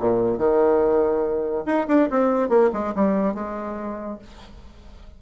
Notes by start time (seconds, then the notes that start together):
0.00 A#2
0.38 D#3
1.66 D#4
1.88 D4
2.10 C4
2.49 A#3
2.73 G#3
2.95 G3
3.34 G#3